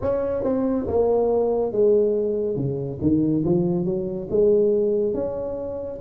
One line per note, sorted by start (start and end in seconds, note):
0.01 0.43 C#4
0.43 0.86 C4
0.87 1.71 A#3
1.71 2.56 G#3
2.56 2.98 C#3
3.01 3.44 D#3
3.44 3.85 F3
3.85 4.28 F#3
4.30 5.14 G#3
5.14 6.00 C#4